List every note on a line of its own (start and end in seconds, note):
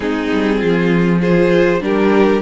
0.00 0.29 G#3
0.00 1.21 C4
0.00 0.58 D#4
0.00 1.21 G#4
0.32 0.62 G3
0.58 1.81 F3
0.58 1.19 F4
1.20 1.80 F4
1.20 1.80 G#4
1.20 1.82 C5
1.80 2.41 G3
1.80 2.41 D4
1.80 2.41 G4
1.80 2.41 A#4